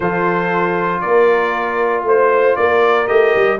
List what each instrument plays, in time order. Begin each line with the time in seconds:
0.00 tuba F3, trombone F4, horn A4, trumpet C5
1.00 tuba A#3, horn A#4, trumpet D5
2.03 tuba A3, horn C5, trumpet C5
2.56 tuba A#3, horn A#4, trumpet D5
3.07 tuba A3, trombone G4, trumpet D#5
3.35 tuba G3